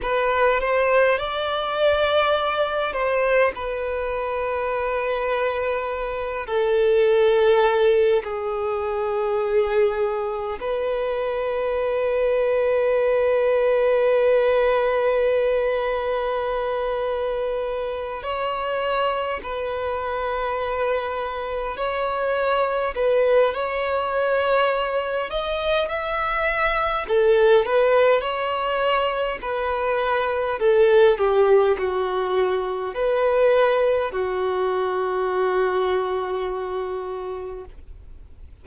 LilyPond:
\new Staff \with { instrumentName = "violin" } { \time 4/4 \tempo 4 = 51 b'8 c''8 d''4. c''8 b'4~ | b'4. a'4. gis'4~ | gis'4 b'2.~ | b'2.~ b'8 cis''8~ |
cis''8 b'2 cis''4 b'8 | cis''4. dis''8 e''4 a'8 b'8 | cis''4 b'4 a'8 g'8 fis'4 | b'4 fis'2. | }